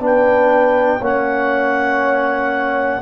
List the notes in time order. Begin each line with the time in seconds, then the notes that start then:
0.00 B3 D4 B4
0.06 G5
1.00 A#3 C#4 C#5 F#5